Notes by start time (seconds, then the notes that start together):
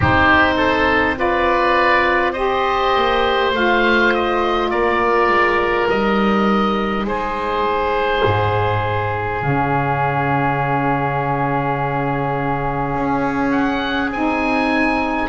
0.00 C4 D#4 G4 C5
0.56 A4
1.15 F4 B4 D5
2.32 G4 C5 D#5
2.95 A#3
3.52 A3 F4 F5
4.13 D#5
4.70 A#3 A#4 D5
5.28 G#3
5.89 G3 D#4 D#5
7.04 G#3 G#4 C5
8.25 G#2
9.40 C#3 C#4 F5
12.94 C#4
13.50 F#5
14.12 C4 D#4 G#5